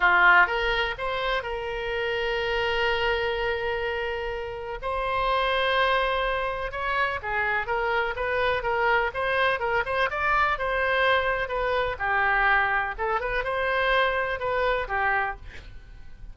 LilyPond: \new Staff \with { instrumentName = "oboe" } { \time 4/4 \tempo 4 = 125 f'4 ais'4 c''4 ais'4~ | ais'1~ | ais'2 c''2~ | c''2 cis''4 gis'4 |
ais'4 b'4 ais'4 c''4 | ais'8 c''8 d''4 c''2 | b'4 g'2 a'8 b'8 | c''2 b'4 g'4 | }